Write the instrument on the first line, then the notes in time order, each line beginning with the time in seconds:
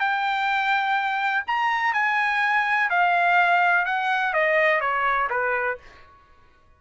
trumpet
0.00 G5
1.47 A#5
1.94 G#5
2.90 F5
3.86 F#5
4.34 D#5
4.80 C#5
5.30 B4